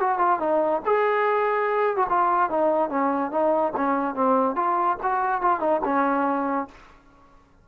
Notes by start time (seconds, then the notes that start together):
0.00 F#4
0.19 F4
0.40 D#4
0.86 G#4
1.97 F#4
2.09 F4
2.50 D#4
2.90 C#4
3.31 D#4
3.76 C#4
4.15 C4
4.55 F4
5.03 F#4
5.42 F4
5.60 D#4
5.84 C#4